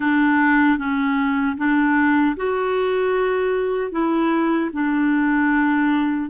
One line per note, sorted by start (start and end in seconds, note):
0.00 0.78 D4
0.78 1.56 C#4
1.57 2.36 D4
2.36 3.91 F#4
3.91 4.70 E4
4.72 6.30 D4